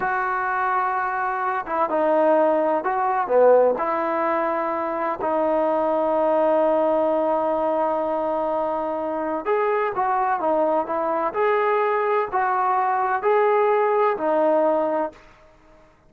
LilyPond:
\new Staff \with { instrumentName = "trombone" } { \time 4/4 \tempo 4 = 127 fis'2.~ fis'8 e'8 | dis'2 fis'4 b4 | e'2. dis'4~ | dis'1~ |
dis'1 | gis'4 fis'4 dis'4 e'4 | gis'2 fis'2 | gis'2 dis'2 | }